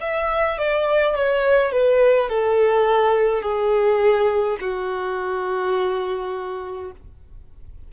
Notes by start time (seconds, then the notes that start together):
0.00 E5
0.58 D5
1.15 C#5
1.72 B4
2.29 A4
3.42 G#4
4.60 F#4